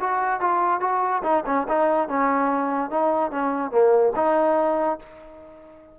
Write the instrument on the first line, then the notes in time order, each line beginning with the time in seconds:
trombone
0.00 F#4
0.41 F4
0.81 F#4
1.23 D#4
1.46 C#4
1.69 D#4
2.09 C#4
2.91 D#4
3.32 C#4
3.71 A#3
4.16 D#4